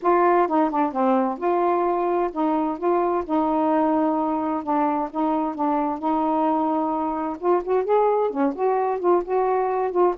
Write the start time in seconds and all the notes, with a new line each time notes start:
0.01 F4
0.47 D#4
0.70 D4
0.92 C4
1.37 F4
2.32 D#4
2.78 F4
3.25 D#4
4.63 D4
5.10 D#4
5.54 D4
5.99 D#4
7.39 F4
7.63 F#4
7.84 G#4
8.30 C#4
8.54 F#4
8.99 F4
9.24 F#4
9.91 F4